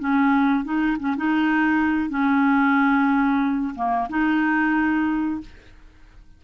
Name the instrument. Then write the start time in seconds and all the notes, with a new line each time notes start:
clarinet
0.00 C#4
0.65 D#4
1.00 C#4
1.17 D#4
2.10 C#4
3.76 A#3
4.09 D#4